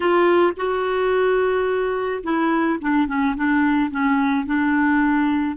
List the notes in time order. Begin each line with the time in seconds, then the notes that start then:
0.00 F4
0.56 F#4
2.23 E4
2.81 D4
3.07 C#4
3.36 D4
3.90 C#4
4.46 D4